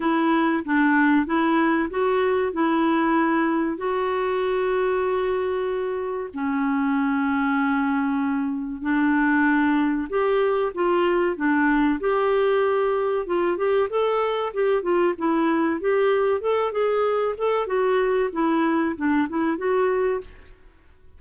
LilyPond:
\new Staff \with { instrumentName = "clarinet" } { \time 4/4 \tempo 4 = 95 e'4 d'4 e'4 fis'4 | e'2 fis'2~ | fis'2 cis'2~ | cis'2 d'2 |
g'4 f'4 d'4 g'4~ | g'4 f'8 g'8 a'4 g'8 f'8 | e'4 g'4 a'8 gis'4 a'8 | fis'4 e'4 d'8 e'8 fis'4 | }